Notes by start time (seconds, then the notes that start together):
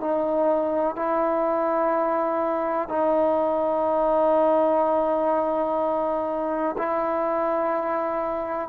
0.00 D#4
0.96 E4
2.89 D#4
6.77 E4